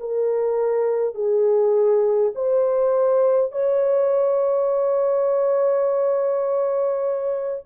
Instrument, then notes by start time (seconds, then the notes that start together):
horn
0.00 A#4
1.14 G#4
2.35 C5
3.52 C#5